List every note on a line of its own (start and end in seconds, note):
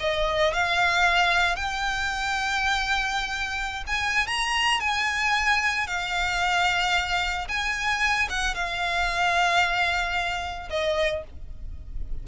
0.00 0.53 D#5
0.53 1.56 F5
1.56 3.84 G5
3.87 4.27 G#5
4.27 4.80 A#5
4.80 5.87 G#5
5.87 7.48 F5
7.48 8.29 G#5
8.29 8.55 F#5
8.55 10.69 F5
10.70 11.24 D#5